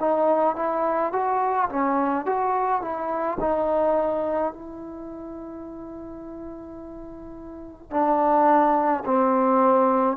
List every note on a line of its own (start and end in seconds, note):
0.00 0.56 D#4
0.56 1.13 E4
1.13 1.69 F#4
1.69 2.26 C#4
2.26 2.82 F#4
2.82 3.39 E4
3.40 4.53 D#4
4.53 7.90 E4
7.90 9.04 D4
9.05 10.17 C4